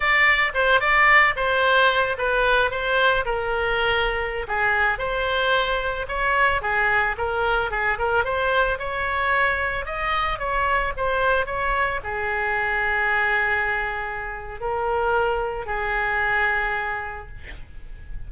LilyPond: \new Staff \with { instrumentName = "oboe" } { \time 4/4 \tempo 4 = 111 d''4 c''8 d''4 c''4. | b'4 c''4 ais'2~ | ais'16 gis'4 c''2 cis''8.~ | cis''16 gis'4 ais'4 gis'8 ais'8 c''8.~ |
c''16 cis''2 dis''4 cis''8.~ | cis''16 c''4 cis''4 gis'4.~ gis'16~ | gis'2. ais'4~ | ais'4 gis'2. | }